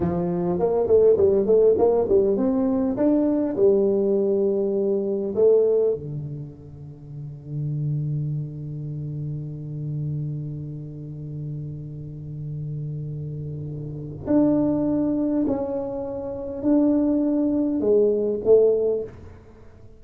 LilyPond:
\new Staff \with { instrumentName = "tuba" } { \time 4/4 \tempo 4 = 101 f4 ais8 a8 g8 a8 ais8 g8 | c'4 d'4 g2~ | g4 a4 d2~ | d1~ |
d1~ | d1 | d'2 cis'2 | d'2 gis4 a4 | }